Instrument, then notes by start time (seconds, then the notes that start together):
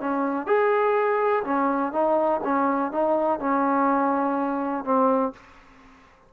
trombone
0.00 C#4
0.46 G#4
1.44 C#4
1.92 D#4
2.44 C#4
2.91 D#4
3.40 C#4
4.84 C4